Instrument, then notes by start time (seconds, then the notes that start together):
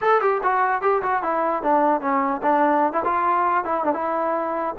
trombone
0.01 A4
0.21 G4
0.43 F#4
0.81 G4
1.02 F#4
1.23 E4
1.63 D4
2.00 C#4
2.42 D4
2.92 E4
3.04 F4
3.64 E4
3.84 D4
3.93 E4